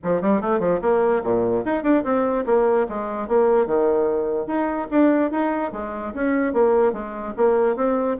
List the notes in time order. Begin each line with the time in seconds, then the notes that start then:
0.03 F3
0.21 G3
0.41 A3
0.59 F3
0.81 A#3
1.23 A#2
1.65 D#4
1.83 D4
2.04 C4
2.46 A#3
2.88 G#3
3.28 A#3
3.66 D#3
4.46 D#4
4.90 D4
5.31 D#4
5.72 G#3
6.14 C#4
6.53 A#3
6.92 G#3
7.37 A#3
7.76 C4